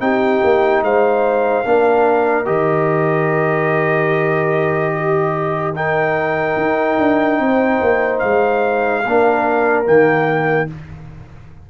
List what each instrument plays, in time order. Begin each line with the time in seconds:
0.00 tuba C4, trombone D#4, horn G4, trumpet G5
0.44 tuba A#3
0.82 tuba G#3, horn C5, trumpet F5
1.65 tuba A#3, trombone D4, horn A#4
2.46 tuba D#3, trombone G4, trumpet D#5
4.96 horn G4
5.76 trombone D#4, horn A#4, trumpet G5
6.57 tuba D#4
6.99 tuba D4
7.40 tuba C4, horn C5
7.82 tuba A#3
8.20 tuba G#3, trumpet F5
9.04 tuba A#3, trombone D4, horn A#4
9.86 tuba D#3, trombone A#3, trumpet G5